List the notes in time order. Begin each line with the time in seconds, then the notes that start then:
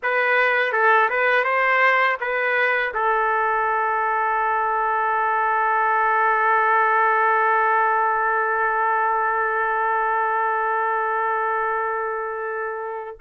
0.02 B4
0.72 A4
1.09 B4
1.44 C5
2.20 B4
2.93 A4